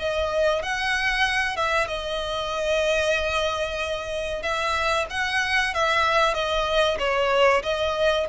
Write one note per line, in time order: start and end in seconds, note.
0.00 0.63 D#5
0.63 1.57 F#5
1.57 1.88 E5
1.88 4.43 D#5
4.43 5.07 E5
5.11 5.74 F#5
5.74 6.34 E5
6.34 6.98 D#5
6.99 7.63 C#5
7.63 8.27 D#5